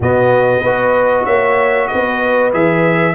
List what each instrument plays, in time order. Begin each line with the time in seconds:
0.00 tuba B2, trombone B3, horn F#4, trumpet D#5
0.60 tuba B3, trombone F#4, horn B4
1.25 tuba A#3, horn C#5, trumpet E5
1.87 tuba B3, horn B4, trumpet D#5
2.52 tuba E3, trombone G#4, trumpet E5